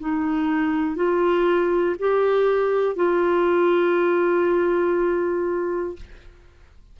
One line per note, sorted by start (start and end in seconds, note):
0.00 0.96 D#4
0.96 1.96 F4
1.99 2.95 G4
2.95 5.95 F4